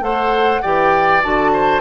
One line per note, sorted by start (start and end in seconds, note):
0.00 0.59 A3
0.00 0.61 A4
0.00 0.62 C5
0.00 0.62 F#5
0.62 1.24 E3
0.62 1.23 G4
0.62 1.51 D5
0.62 1.22 G5
1.23 1.81 D3
1.23 1.81 F#4
1.23 1.81 A5
1.53 1.81 C5